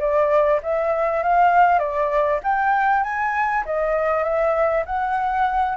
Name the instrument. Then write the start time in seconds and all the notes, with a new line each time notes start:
flute
0.00 D5
0.63 E5
1.23 F5
1.79 D5
2.44 G5
3.04 G#5
3.66 D#5
4.24 E5
4.86 F#5